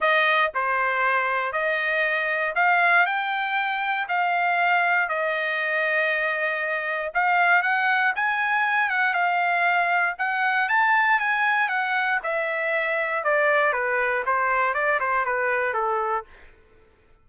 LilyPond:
\new Staff \with { instrumentName = "trumpet" } { \time 4/4 \tempo 4 = 118 dis''4 c''2 dis''4~ | dis''4 f''4 g''2 | f''2 dis''2~ | dis''2 f''4 fis''4 |
gis''4. fis''8 f''2 | fis''4 a''4 gis''4 fis''4 | e''2 d''4 b'4 | c''4 d''8 c''8 b'4 a'4 | }